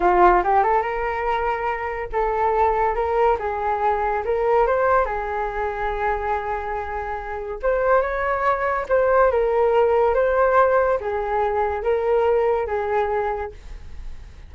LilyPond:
\new Staff \with { instrumentName = "flute" } { \time 4/4 \tempo 4 = 142 f'4 g'8 a'8 ais'2~ | ais'4 a'2 ais'4 | gis'2 ais'4 c''4 | gis'1~ |
gis'2 c''4 cis''4~ | cis''4 c''4 ais'2 | c''2 gis'2 | ais'2 gis'2 | }